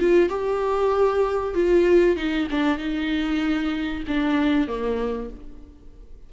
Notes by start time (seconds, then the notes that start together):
0.00 F4
0.30 G4
1.55 F4
2.17 D#4
2.51 D4
2.78 D#4
4.08 D4
4.68 A#3